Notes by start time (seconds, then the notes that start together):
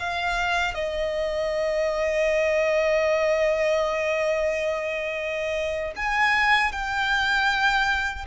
0.00 F5
0.75 D#5
5.97 G#5
6.72 G5